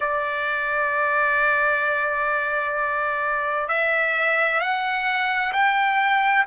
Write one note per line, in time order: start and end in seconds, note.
0.00 3.68 D5
3.68 4.60 E5
4.60 5.52 F#5
5.52 6.44 G5